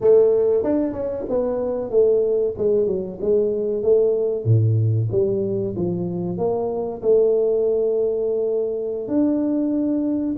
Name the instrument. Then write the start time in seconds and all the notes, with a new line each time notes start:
tuba
0.00 A3
0.63 D4
0.93 C#4
1.29 B3
1.90 A3
2.57 G#3
2.87 F#3
3.21 G#3
3.82 A3
4.44 A2
5.11 G3
5.76 F3
6.37 A#3
7.02 A3
9.08 D4